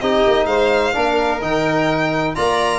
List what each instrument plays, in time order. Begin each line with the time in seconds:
0.00 tuba C4, trombone D#4, violin G4 D#5
0.27 tuba A#3
0.46 tuba G#3, violin C5 F5
0.93 tuba A#3, trombone D4, violin A#4
1.41 tuba D#3, trombone D#4, violin G5
2.35 tuba A#3, trombone F4, violin D5 A#5